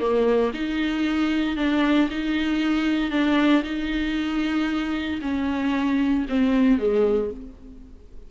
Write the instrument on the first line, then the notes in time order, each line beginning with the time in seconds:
viola
0.00 A#3
0.54 D#4
1.57 D4
2.11 D#4
3.11 D4
3.64 D#4
5.22 C#4
6.29 C4
6.79 G#3